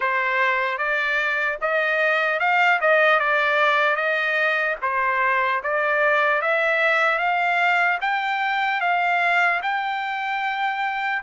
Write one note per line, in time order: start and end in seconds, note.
0.00 0.77 C5
0.77 1.57 D5
1.61 2.39 D#5
2.39 2.79 F5
2.80 3.19 D#5
3.19 3.96 D5
3.96 4.76 D#5
4.81 5.61 C5
5.63 6.41 D5
6.41 7.18 E5
7.18 7.98 F5
8.01 8.80 G5
8.80 9.60 F5
9.62 11.22 G5